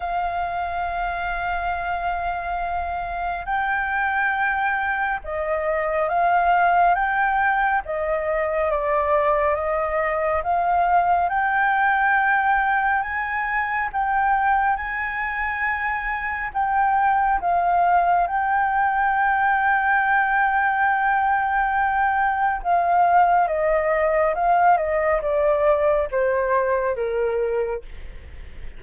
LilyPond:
\new Staff \with { instrumentName = "flute" } { \time 4/4 \tempo 4 = 69 f''1 | g''2 dis''4 f''4 | g''4 dis''4 d''4 dis''4 | f''4 g''2 gis''4 |
g''4 gis''2 g''4 | f''4 g''2.~ | g''2 f''4 dis''4 | f''8 dis''8 d''4 c''4 ais'4 | }